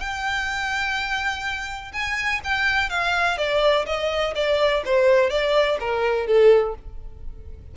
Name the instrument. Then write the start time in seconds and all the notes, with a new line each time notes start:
violin
0.00 G5
1.93 G#5
2.44 G5
2.89 F5
3.38 D5
3.86 D#5
4.35 D5
4.85 C5
5.30 D5
5.80 A#4
6.27 A4